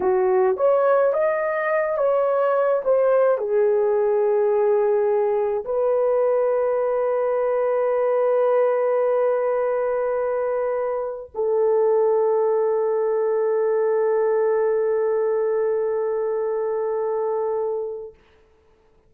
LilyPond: \new Staff \with { instrumentName = "horn" } { \time 4/4 \tempo 4 = 106 fis'4 cis''4 dis''4. cis''8~ | cis''4 c''4 gis'2~ | gis'2 b'2~ | b'1~ |
b'1 | a'1~ | a'1~ | a'1 | }